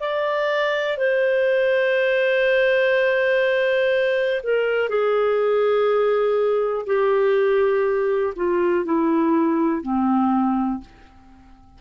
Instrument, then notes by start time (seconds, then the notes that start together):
clarinet
0.00 D5
0.97 C5
4.43 A#4
4.89 G#4
6.86 G4
8.36 F4
8.85 E4
9.83 C4